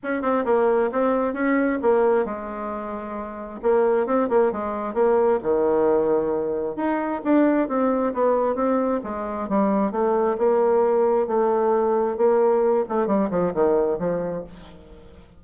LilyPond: \new Staff \with { instrumentName = "bassoon" } { \time 4/4 \tempo 4 = 133 cis'8 c'8 ais4 c'4 cis'4 | ais4 gis2. | ais4 c'8 ais8 gis4 ais4 | dis2. dis'4 |
d'4 c'4 b4 c'4 | gis4 g4 a4 ais4~ | ais4 a2 ais4~ | ais8 a8 g8 f8 dis4 f4 | }